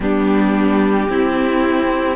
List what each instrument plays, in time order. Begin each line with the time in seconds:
0.00 cello G3, viola B3, violin D4 G4
1.09 viola C4, cello C4, violin E4